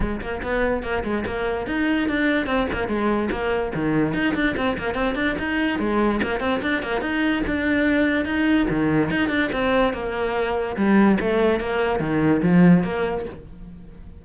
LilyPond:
\new Staff \with { instrumentName = "cello" } { \time 4/4 \tempo 4 = 145 gis8 ais8 b4 ais8 gis8 ais4 | dis'4 d'4 c'8 ais8 gis4 | ais4 dis4 dis'8 d'8 c'8 ais8 | c'8 d'8 dis'4 gis4 ais8 c'8 |
d'8 ais8 dis'4 d'2 | dis'4 dis4 dis'8 d'8 c'4 | ais2 g4 a4 | ais4 dis4 f4 ais4 | }